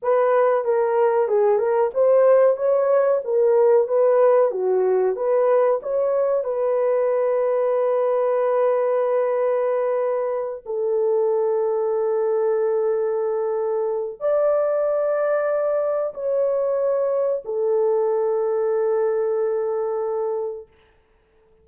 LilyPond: \new Staff \with { instrumentName = "horn" } { \time 4/4 \tempo 4 = 93 b'4 ais'4 gis'8 ais'8 c''4 | cis''4 ais'4 b'4 fis'4 | b'4 cis''4 b'2~ | b'1~ |
b'8 a'2.~ a'8~ | a'2 d''2~ | d''4 cis''2 a'4~ | a'1 | }